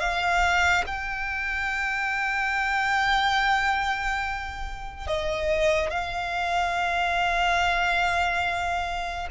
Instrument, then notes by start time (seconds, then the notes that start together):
violin
0.00 F5
0.86 G5
5.07 D#5
5.90 F5